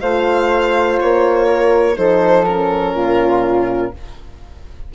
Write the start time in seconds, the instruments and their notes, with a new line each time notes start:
0.00 bassoon A3, horn F4, flute C5, violin F5
1.00 bassoon A#3, violin C#5
1.46 flute A#4
1.96 bassoon F3, horn D#4, flute A4, violin C5
2.44 horn C#4, violin A#4
2.94 bassoon A#2, flute F4